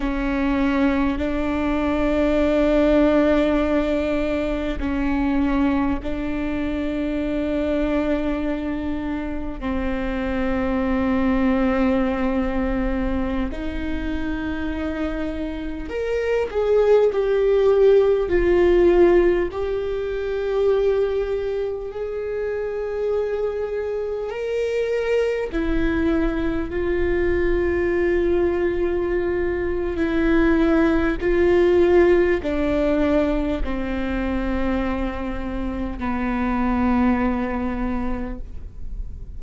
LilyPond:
\new Staff \with { instrumentName = "viola" } { \time 4/4 \tempo 4 = 50 cis'4 d'2. | cis'4 d'2. | c'2.~ c'16 dis'8.~ | dis'4~ dis'16 ais'8 gis'8 g'4 f'8.~ |
f'16 g'2 gis'4.~ gis'16~ | gis'16 ais'4 e'4 f'4.~ f'16~ | f'4 e'4 f'4 d'4 | c'2 b2 | }